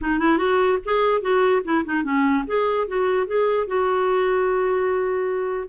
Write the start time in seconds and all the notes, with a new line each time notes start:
0.01 D#4
0.19 E4
0.38 F#4
0.85 G#4
1.21 F#4
1.64 E4
1.85 D#4
2.03 C#4
2.46 G#4
2.87 F#4
3.26 G#4
3.67 F#4